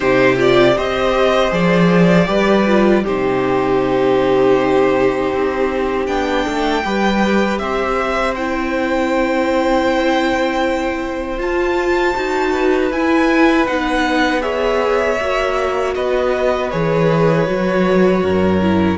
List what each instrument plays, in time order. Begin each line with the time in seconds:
0.00 cello C3, viola D#4, violin G4 C5
0.36 viola F4, violin D5
0.76 cello C4, viola G4, violin C5 D#5
1.50 cello F3, viola G#4, violin D5
2.25 cello G3, viola G4, violin B4
2.66 viola F4
3.03 cello C3, viola D#4, violin G4 C5
5.32 cello C4
6.06 cello B3, viola D4, violin G5
6.44 cello A3, violin A4
6.84 cello G3, viola G4, violin B4
7.58 cello C4, violin C5 E5
8.35 viola E4, violin G5
11.38 viola F4, cello F4, violin A5
12.16 cello D#4, viola F#4
12.51 violin B4
12.91 cello E4, viola E4, violin G#5
13.66 cello B3, viola D#4, violin F#5
14.40 viola G#4, violin C#5 E5
15.20 cello A#3, viola F#4
15.94 cello B3, violin B4 D#5
16.70 cello E3, viola G#4, violin C#5
17.46 cello F#3, viola F#4
18.22 cello F#2, violin A#4
18.61 viola E4